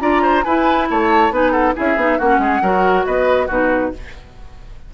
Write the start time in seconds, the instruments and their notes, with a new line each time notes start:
0.00 bassoon D4, clarinet F4, oboe D5, flute A#5
0.22 oboe C5
0.43 bassoon E4, clarinet E4, oboe B4, flute G#5
0.90 bassoon A3, oboe C#5, flute A5
1.31 bassoon B3, clarinet D#4, oboe B4, flute G#5
1.51 oboe A4, flute F#5
1.74 bassoon C#4, clarinet E4, oboe G#4, flute E5
1.96 bassoon B3, clarinet D#4
2.18 bassoon A#3, clarinet C#4, oboe F#4, flute F#5
2.38 bassoon G#3, oboe G#4
2.62 bassoon F#3, clarinet F#4, oboe A#4
3.05 bassoon B3, oboe B4, flute D#5
3.47 bassoon B2, clarinet D#4, oboe F#4, flute B4